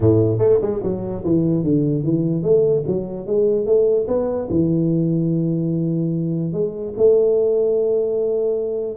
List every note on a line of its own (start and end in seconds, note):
0.00 0.38 A2
0.38 0.58 A3
0.61 0.82 G#3
0.82 1.23 F#3
1.24 1.63 E3
1.63 2.03 D3
2.03 2.42 E3
2.42 2.83 A3
2.87 3.26 F#3
3.26 3.66 G#3
3.66 4.06 A3
4.07 4.48 B3
4.50 6.52 E3
6.52 6.93 G#3
6.97 8.97 A3